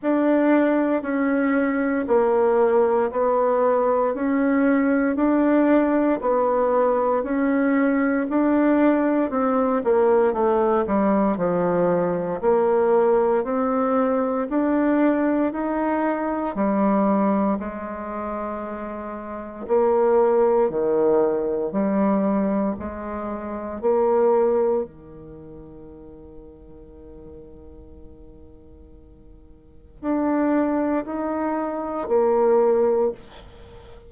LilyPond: \new Staff \with { instrumentName = "bassoon" } { \time 4/4 \tempo 4 = 58 d'4 cis'4 ais4 b4 | cis'4 d'4 b4 cis'4 | d'4 c'8 ais8 a8 g8 f4 | ais4 c'4 d'4 dis'4 |
g4 gis2 ais4 | dis4 g4 gis4 ais4 | dis1~ | dis4 d'4 dis'4 ais4 | }